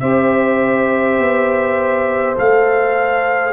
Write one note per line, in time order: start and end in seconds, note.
0.00 1.19 C4
0.00 2.36 G4
0.00 3.53 C5
0.00 2.35 E5
1.19 2.36 B3
2.36 3.53 A3
2.36 3.53 A4
2.36 3.53 F5